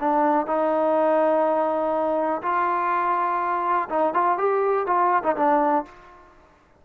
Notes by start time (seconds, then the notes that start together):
0.00 D4
0.47 D#4
2.43 F4
3.89 D#4
4.14 F4
4.38 G4
4.86 F4
5.24 D#4
5.36 D4